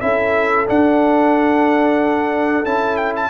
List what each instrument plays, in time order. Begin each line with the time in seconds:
0.00 tuba C#4, trombone E4, horn A4, trumpet E5
0.66 trombone D4, tuba D4, trumpet F#5
2.63 tuba C#4, trombone E4, trumpet A5
2.96 trumpet G5
3.16 trumpet A5